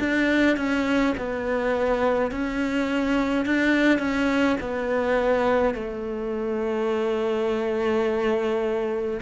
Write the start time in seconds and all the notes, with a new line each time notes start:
0.00 D4
0.57 C#4
1.17 B3
2.31 C#4
3.46 D4
3.99 C#4
4.60 B3
5.75 A3